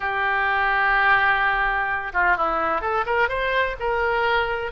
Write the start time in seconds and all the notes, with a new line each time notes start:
0.00 G4
2.13 F4
2.36 E4
2.81 A4
3.06 A#4
3.28 C5
3.79 A#4